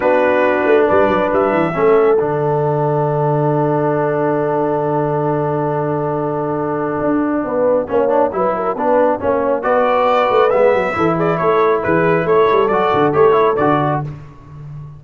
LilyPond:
<<
  \new Staff \with { instrumentName = "trumpet" } { \time 4/4 \tempo 4 = 137 b'2 d''4 e''4~ | e''4 fis''2.~ | fis''1~ | fis''1~ |
fis''1~ | fis''2 d''2 | e''4. d''8 cis''4 b'4 | cis''4 d''4 cis''4 d''4 | }
  \new Staff \with { instrumentName = "horn" } { \time 4/4 fis'2 b'2 | a'1~ | a'1~ | a'1~ |
a'4 b'4 cis''4 b'8 ais'8 | b'4 cis''4 b'2~ | b'4 a'8 gis'8 a'4 gis'4 | a'1 | }
  \new Staff \with { instrumentName = "trombone" } { \time 4/4 d'1 | cis'4 d'2.~ | d'1~ | d'1~ |
d'2 cis'8 d'8 e'4 | d'4 cis'4 fis'2 | b4 e'2.~ | e'4 fis'4 g'8 e'8 fis'4 | }
  \new Staff \with { instrumentName = "tuba" } { \time 4/4 b4. a8 g8 fis8 g8 e8 | a4 d2.~ | d1~ | d1 |
d'4 b4 ais4 fis4 | b4 ais4 b4. a8 | gis8 fis8 e4 a4 e4 | a8 g8 fis8 d8 a4 d4 | }
>>